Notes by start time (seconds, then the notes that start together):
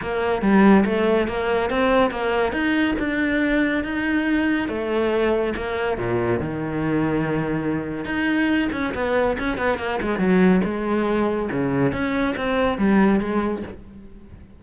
0.01 A#3
0.42 G3
0.85 A3
1.27 A#3
1.69 C4
2.10 A#3
2.52 D#4
2.98 D4
3.84 D#4
4.68 A3
5.56 A#3
5.97 A#2
6.39 D#3
8.04 D#4
8.72 C#4
8.94 B3
9.38 C#4
9.57 B3
9.78 A#3
10.01 G#3
10.18 F#3
10.64 G#3
11.51 C#3
11.92 C#4
12.36 C4
12.78 G3
13.19 G#3